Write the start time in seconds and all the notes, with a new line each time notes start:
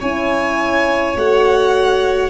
0.00 C#4 E4 C#5 G#5
1.16 A3 F#4 F#5